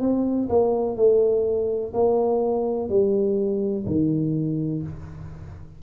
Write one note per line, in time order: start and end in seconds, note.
0.00 0.48 C4
0.49 0.96 A#3
0.96 1.93 A3
1.93 2.89 A#3
2.89 3.85 G3
3.86 4.83 D#3